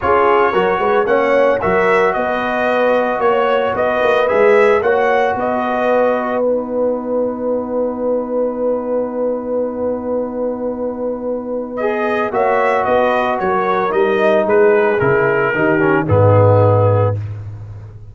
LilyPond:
<<
  \new Staff \with { instrumentName = "trumpet" } { \time 4/4 \tempo 4 = 112 cis''2 fis''4 e''4 | dis''2 cis''4 dis''4 | e''4 fis''4 dis''2 | fis''1~ |
fis''1~ | fis''2 dis''4 e''4 | dis''4 cis''4 dis''4 b'4 | ais'2 gis'2 | }
  \new Staff \with { instrumentName = "horn" } { \time 4/4 gis'4 ais'8 b'8 cis''4 ais'4 | b'2 cis''4 b'4~ | b'4 cis''4 b'2~ | b'1~ |
b'1~ | b'2. cis''4 | b'4 ais'2 gis'4~ | gis'4 g'4 dis'2 | }
  \new Staff \with { instrumentName = "trombone" } { \time 4/4 f'4 fis'4 cis'4 fis'4~ | fis'1 | gis'4 fis'2. | dis'1~ |
dis'1~ | dis'2 gis'4 fis'4~ | fis'2 dis'2 | e'4 dis'8 cis'8 b2 | }
  \new Staff \with { instrumentName = "tuba" } { \time 4/4 cis'4 fis8 gis8 ais4 fis4 | b2 ais4 b8 ais8 | gis4 ais4 b2~ | b1~ |
b1~ | b2. ais4 | b4 fis4 g4 gis4 | cis4 dis4 gis,2 | }
>>